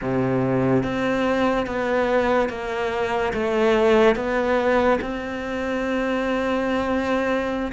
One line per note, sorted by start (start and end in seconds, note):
0.01 0.83 C3
0.83 1.66 C4
1.66 2.49 B3
2.49 3.32 A#3
3.33 4.15 A3
4.15 4.98 B3
5.01 7.72 C4